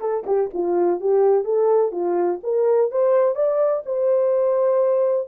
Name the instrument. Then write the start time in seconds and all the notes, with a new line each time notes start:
horn
0.00 A4
0.26 G4
0.53 F4
1.00 G4
1.44 A4
1.91 F4
2.43 A#4
2.91 C5
3.35 D5
3.85 C5